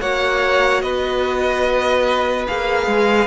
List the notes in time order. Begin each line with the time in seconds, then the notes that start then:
0.00 A#3 F#4 C#5 F#5
0.81 B3 B4 D#5
2.47 A#3 G#4 F5
2.86 G#3